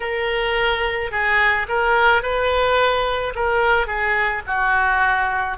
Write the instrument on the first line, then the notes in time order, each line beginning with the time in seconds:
oboe
0.00 A#4
1.11 G#4
1.68 A#4
2.22 B4
3.35 A#4
3.86 G#4
4.46 F#4